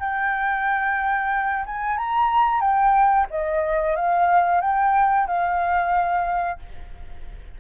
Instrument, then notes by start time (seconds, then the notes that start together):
flute
0.00 G5
1.66 G#5
1.98 A#5
2.61 G5
3.30 D#5
3.96 F5
4.61 G5
5.27 F5